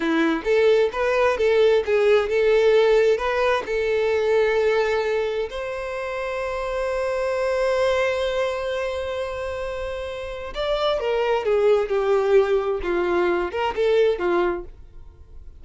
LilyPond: \new Staff \with { instrumentName = "violin" } { \time 4/4 \tempo 4 = 131 e'4 a'4 b'4 a'4 | gis'4 a'2 b'4 | a'1 | c''1~ |
c''1~ | c''2. d''4 | ais'4 gis'4 g'2 | f'4. ais'8 a'4 f'4 | }